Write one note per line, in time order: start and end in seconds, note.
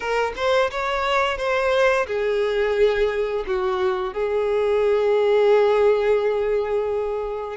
0.00 0.33 A#4
0.35 0.70 C5
0.70 1.37 C#5
1.37 2.06 C5
2.07 3.45 G#4
3.46 4.13 F#4
4.13 7.56 G#4